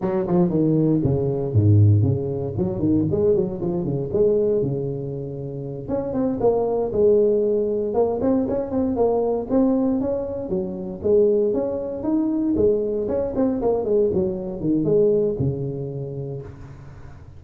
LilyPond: \new Staff \with { instrumentName = "tuba" } { \time 4/4 \tempo 4 = 117 fis8 f8 dis4 cis4 gis,4 | cis4 fis8 dis8 gis8 fis8 f8 cis8 | gis4 cis2~ cis8 cis'8 | c'8 ais4 gis2 ais8 |
c'8 cis'8 c'8 ais4 c'4 cis'8~ | cis'8 fis4 gis4 cis'4 dis'8~ | dis'8 gis4 cis'8 c'8 ais8 gis8 fis8~ | fis8 dis8 gis4 cis2 | }